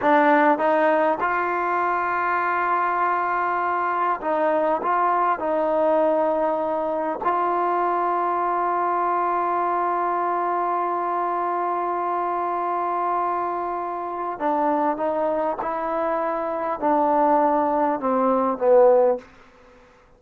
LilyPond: \new Staff \with { instrumentName = "trombone" } { \time 4/4 \tempo 4 = 100 d'4 dis'4 f'2~ | f'2. dis'4 | f'4 dis'2. | f'1~ |
f'1~ | f'1 | d'4 dis'4 e'2 | d'2 c'4 b4 | }